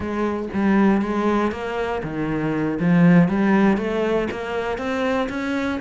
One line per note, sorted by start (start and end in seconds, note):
0.00 0.48 G#3
0.53 1.01 G3
1.01 1.51 G#3
1.51 2.02 A#3
2.03 2.78 D#3
2.79 3.28 F3
3.28 3.77 G3
3.77 4.27 A3
4.31 4.78 A#3
4.78 5.28 C4
5.29 5.79 C#4